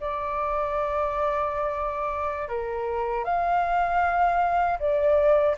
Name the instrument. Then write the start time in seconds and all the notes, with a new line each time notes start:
flute
0.00 D5
2.48 A#4
3.24 F5
4.79 D5